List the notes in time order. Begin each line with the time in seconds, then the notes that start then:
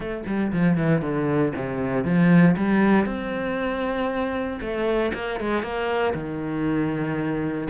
0.00 A3
0.26 G3
0.52 F3
0.77 E3
1.01 D3
1.55 C3
2.04 F3
2.56 G3
3.05 C4
4.61 A3
5.14 A#3
5.40 G#3
5.62 A#3
6.14 D#3